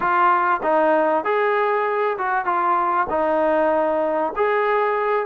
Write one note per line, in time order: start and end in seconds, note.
0.00 0.60 F4
0.62 1.24 D#4
1.24 2.17 G#4
2.18 2.45 F#4
2.45 3.06 F4
3.09 4.33 D#4
4.36 5.25 G#4